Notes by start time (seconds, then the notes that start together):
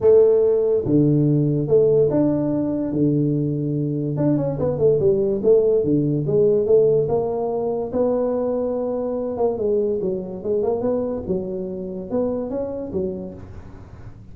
0.00 A3
0.85 D3
1.67 A3
2.10 D4
2.92 D3
4.16 D4
4.37 C#4
4.59 B3
4.78 A3
4.99 G3
5.43 A3
5.84 D3
6.27 G#3
6.66 A3
7.08 A#3
7.92 B3
9.37 A#3
9.58 G#3
10.01 F#3
10.43 G#3
10.62 A#3
10.81 B3
11.27 F#3
12.10 B3
12.49 C#4
12.92 F#3